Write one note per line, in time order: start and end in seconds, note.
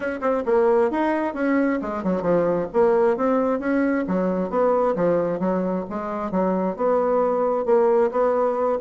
0.00 0.19 C#4
0.21 0.43 C4
0.45 0.90 A#3
0.90 1.33 D#4
1.33 1.79 C#4
1.81 2.03 G#3
2.03 2.21 F#3
2.21 2.67 F3
2.73 3.16 A#3
3.16 3.59 C4
3.59 4.04 C#4
4.07 4.50 F#3
4.50 4.95 B3
4.95 5.39 F3
5.39 5.84 F#3
5.89 6.31 G#3
6.31 6.76 F#3
6.76 7.65 B3
7.65 8.10 A#3
8.11 8.78 B3